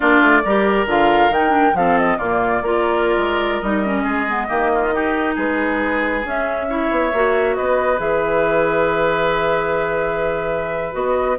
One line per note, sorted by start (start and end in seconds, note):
0.00 0.21 A#3
0.00 0.42 D4
0.00 0.41 F4
0.00 0.86 D5
0.21 0.43 A3
0.44 0.85 G3
0.44 0.87 G4
0.44 1.76 A#4
0.85 1.29 D3
0.85 1.31 F4
0.85 1.33 F5
1.29 1.73 D#3
1.29 1.76 G5
1.35 1.49 D#4
1.49 1.71 D4
1.73 2.17 F3
1.73 2.19 C4
1.73 2.18 A4
1.73 1.98 F5
1.98 2.18 D#5
2.18 2.62 A#2
2.18 2.63 A#3
2.18 2.62 F4
2.18 3.60 D5
2.62 3.16 A#3
2.62 3.63 F4
2.62 4.03 A#4
3.17 3.60 G#3
3.60 4.04 G3
3.60 3.84 D#4
3.60 5.35 D#5
3.84 4.28 C#4
4.03 4.48 G#3
4.03 4.47 G#4
4.28 4.47 B3
4.47 5.36 D#3
4.47 4.91 A#3
4.47 4.70 G4
4.74 4.93 F4
4.92 6.23 D#4
4.92 5.34 G4
5.34 6.24 G#3
5.34 6.66 G#4
5.34 6.25 B4
6.24 6.67 C#4
6.24 6.89 C#4
6.24 7.55 E5
6.68 7.12 E4
6.68 7.56 C#5
6.90 7.12 B3
7.12 7.56 A#3
7.12 7.97 F#4
7.55 7.99 B3
7.55 11.39 B4
7.55 7.99 D#5
7.97 10.94 E3
7.97 10.92 G#4
7.97 10.94 E5
10.92 11.38 B3
10.92 11.36 F#4
10.92 11.38 D#5